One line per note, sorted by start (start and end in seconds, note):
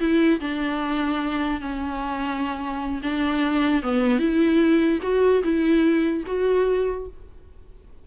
0.00 0.40 E4
0.40 1.61 D4
1.61 3.02 C#4
3.03 3.83 D4
3.83 4.19 B3
4.19 5.00 E4
5.03 5.43 F#4
5.44 6.24 E4
6.27 7.07 F#4